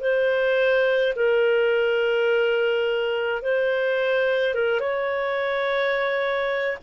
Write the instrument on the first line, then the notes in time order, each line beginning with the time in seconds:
clarinet
0.00 C5
1.15 A#4
3.42 C5
4.54 A#4
4.80 C#5